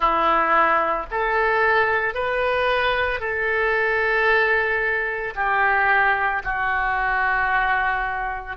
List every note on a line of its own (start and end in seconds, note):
0.00 1.06 E4
1.10 2.14 A4
2.14 3.19 B4
3.19 5.34 A4
5.35 6.42 G4
6.44 8.57 F#4